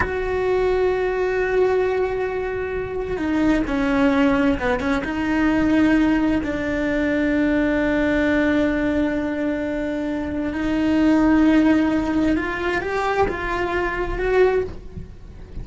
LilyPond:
\new Staff \with { instrumentName = "cello" } { \time 4/4 \tempo 4 = 131 fis'1~ | fis'2. dis'4 | cis'2 b8 cis'8 dis'4~ | dis'2 d'2~ |
d'1~ | d'2. dis'4~ | dis'2. f'4 | g'4 f'2 fis'4 | }